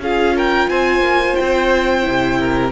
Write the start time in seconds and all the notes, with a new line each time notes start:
0.00 C#4 F4 G#4 F5
0.36 A#4 G5
0.69 C4 C5 G#5
1.00 A#3
1.36 C4 G5
2.03 C3 E4
2.40 A#4